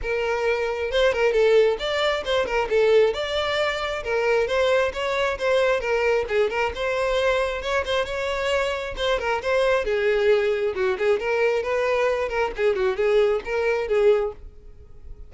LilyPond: \new Staff \with { instrumentName = "violin" } { \time 4/4 \tempo 4 = 134 ais'2 c''8 ais'8 a'4 | d''4 c''8 ais'8 a'4 d''4~ | d''4 ais'4 c''4 cis''4 | c''4 ais'4 gis'8 ais'8 c''4~ |
c''4 cis''8 c''8 cis''2 | c''8 ais'8 c''4 gis'2 | fis'8 gis'8 ais'4 b'4. ais'8 | gis'8 fis'8 gis'4 ais'4 gis'4 | }